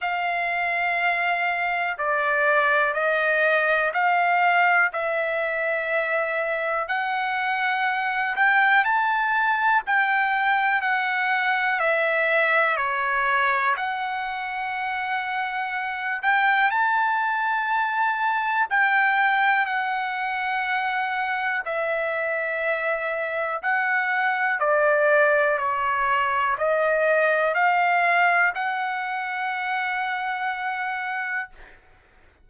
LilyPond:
\new Staff \with { instrumentName = "trumpet" } { \time 4/4 \tempo 4 = 61 f''2 d''4 dis''4 | f''4 e''2 fis''4~ | fis''8 g''8 a''4 g''4 fis''4 | e''4 cis''4 fis''2~ |
fis''8 g''8 a''2 g''4 | fis''2 e''2 | fis''4 d''4 cis''4 dis''4 | f''4 fis''2. | }